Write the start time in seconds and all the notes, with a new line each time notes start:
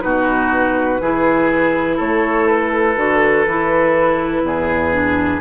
0.00 B2 D#4 F#4 B4
1.00 E3 E4 G#4
1.96 A3 A4 C#5
2.47 B4
2.96 D3 F#4
3.46 E3 E4
4.42 E2 G#4
4.91 D4